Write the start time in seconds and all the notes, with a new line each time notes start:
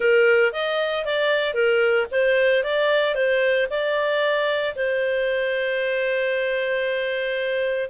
0.00 A#4
0.52 D#5
1.05 D5
1.54 A#4
2.11 C5
2.63 D5
3.14 C5
3.70 D5
4.75 C5